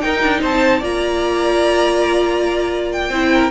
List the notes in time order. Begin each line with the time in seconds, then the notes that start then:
0.00 D#4 A#4 G5
0.22 D4
0.41 C4 C5 A5
0.79 A#3 F4 D5 A#5
2.92 G5
3.09 C4 E4 C5
3.33 A#4